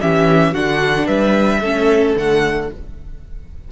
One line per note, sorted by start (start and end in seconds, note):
0.00 0.54 E3
0.00 0.54 C#4
0.00 0.53 G4
0.00 0.54 E5
0.53 1.07 D3
0.53 1.63 D4
0.53 1.05 F#4
0.53 1.07 F#5
1.05 1.61 G3
1.05 1.59 B4
1.05 2.15 E5
1.60 2.15 A3
1.60 2.17 C#4
1.60 2.68 A4
2.16 2.70 D3
2.16 2.71 A3
2.16 2.71 F#5